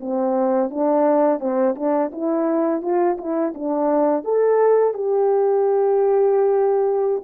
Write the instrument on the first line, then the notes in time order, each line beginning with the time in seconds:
horn
0.00 C4
0.70 D4
1.40 C4
1.75 D4
2.12 E4
2.81 F4
3.18 E4
3.54 D4
4.24 A4
4.93 G4